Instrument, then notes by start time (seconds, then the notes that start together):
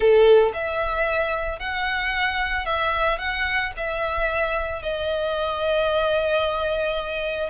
violin
0.00 A4
0.53 E5
1.59 F#5
2.65 E5
3.18 F#5
3.76 E5
4.82 D#5